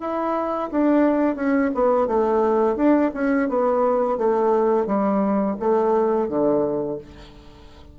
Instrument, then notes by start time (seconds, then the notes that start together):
bassoon
0.00 E4
0.71 D4
1.35 C#4
1.74 B3
2.07 A3
2.76 D4
3.14 C#4
3.49 B3
4.17 A3
4.86 G3
5.59 A3
6.28 D3